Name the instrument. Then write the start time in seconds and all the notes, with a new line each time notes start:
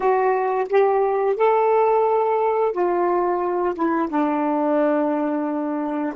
saxophone
0.00 F#4
0.69 G4
1.36 A4
2.72 F4
3.74 E4
4.09 D4